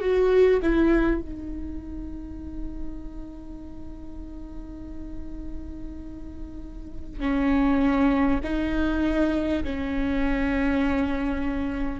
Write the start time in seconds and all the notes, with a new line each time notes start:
0.00 F#4
0.62 E4
1.21 D#4
7.20 C#4
8.43 D#4
9.64 C#4